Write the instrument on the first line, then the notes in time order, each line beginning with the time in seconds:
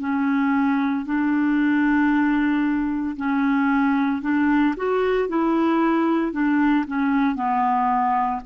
clarinet
0.00 C#4
1.06 D4
3.17 C#4
4.22 D4
4.77 F#4
5.29 E4
6.33 D4
6.87 C#4
7.35 B3